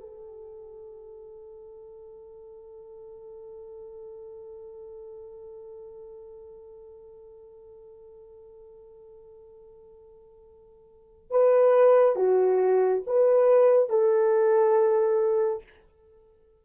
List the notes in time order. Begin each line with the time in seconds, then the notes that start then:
0.00 A4
11.31 B4
12.16 F#4
13.07 B4
13.90 A4